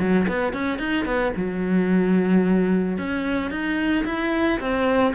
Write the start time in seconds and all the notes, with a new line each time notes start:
0.00 F#3
0.28 B3
0.54 C#4
0.79 D#4
1.06 B3
1.37 F#3
2.99 C#4
3.51 D#4
4.06 E4
4.60 C4